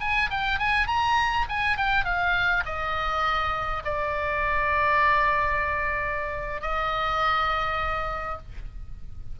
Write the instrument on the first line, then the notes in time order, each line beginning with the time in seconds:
oboe
0.00 G#5
0.30 G5
0.59 G#5
0.87 A#5
1.49 G#5
1.77 G5
2.05 F5
2.65 D#5
3.84 D5
6.61 D#5